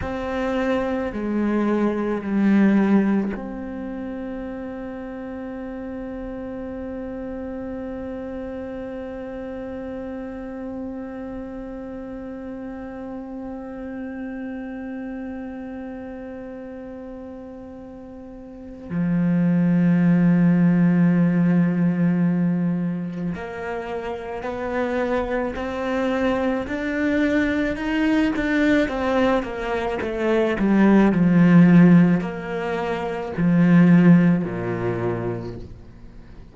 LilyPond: \new Staff \with { instrumentName = "cello" } { \time 4/4 \tempo 4 = 54 c'4 gis4 g4 c'4~ | c'1~ | c'1~ | c'1~ |
c'4 f2.~ | f4 ais4 b4 c'4 | d'4 dis'8 d'8 c'8 ais8 a8 g8 | f4 ais4 f4 ais,4 | }